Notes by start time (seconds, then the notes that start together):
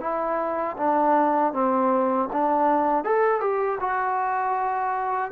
0.00 E4
0.77 D4
1.53 C4
2.32 D4
3.04 A4
3.40 G4
3.80 F#4